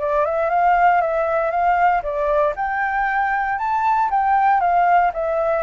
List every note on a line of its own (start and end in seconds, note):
0.00 0.26 D5
0.26 0.50 E5
0.50 1.01 F5
1.01 1.51 E5
1.51 2.02 F5
2.03 2.54 D5
2.56 3.59 G5
3.59 4.10 A5
4.11 4.61 G5
4.61 5.12 F5
5.14 5.63 E5